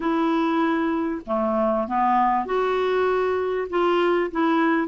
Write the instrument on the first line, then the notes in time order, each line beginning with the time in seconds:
clarinet
0.00 E4
1.26 A3
1.87 B3
2.45 F#4
3.69 F4
4.31 E4